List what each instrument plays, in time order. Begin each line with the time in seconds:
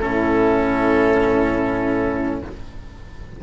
0.00 bassoon A2, cello C#4, horn E4, oboe A4